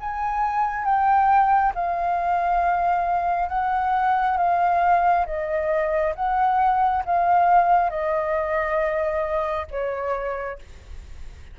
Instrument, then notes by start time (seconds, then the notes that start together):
flute
0.00 G#5
0.85 G5
1.75 F5
3.49 F#5
4.37 F5
5.26 D#5
6.15 F#5
7.05 F5
7.90 D#5
9.71 C#5